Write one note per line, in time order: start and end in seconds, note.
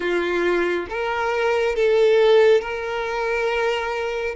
0.00 0.86 F4
0.89 1.75 A#4
1.75 2.61 A4
2.61 4.35 A#4